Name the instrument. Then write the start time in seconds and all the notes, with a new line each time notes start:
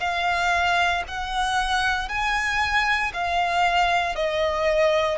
violin
0.00 F5
1.08 F#5
2.09 G#5
3.13 F5
4.15 D#5